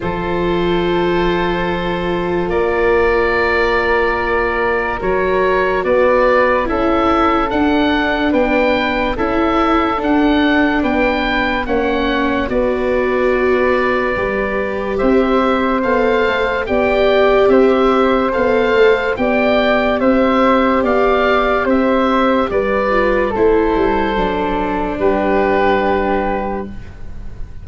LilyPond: <<
  \new Staff \with { instrumentName = "oboe" } { \time 4/4 \tempo 4 = 72 c''2. d''4~ | d''2 cis''4 d''4 | e''4 fis''4 g''4 e''4 | fis''4 g''4 fis''4 d''4~ |
d''2 e''4 f''4 | g''4 e''4 f''4 g''4 | e''4 f''4 e''4 d''4 | c''2 b'2 | }
  \new Staff \with { instrumentName = "flute" } { \time 4/4 a'2. ais'4~ | ais'2. b'4 | a'2 b'4 a'4~ | a'4 b'4 cis''4 b'4~ |
b'2 c''2 | d''4 c''2 d''4 | c''4 d''4 c''4 b'4 | a'2 g'2 | }
  \new Staff \with { instrumentName = "viola" } { \time 4/4 f'1~ | f'2 fis'2 | e'4 d'2 e'4 | d'2 cis'4 fis'4~ |
fis'4 g'2 a'4 | g'2 a'4 g'4~ | g'2.~ g'8 f'8 | e'4 d'2. | }
  \new Staff \with { instrumentName = "tuba" } { \time 4/4 f2. ais4~ | ais2 fis4 b4 | cis'4 d'4 b4 cis'4 | d'4 b4 ais4 b4~ |
b4 g4 c'4 b8 a8 | b4 c'4 b8 a8 b4 | c'4 b4 c'4 g4 | a8 g8 fis4 g2 | }
>>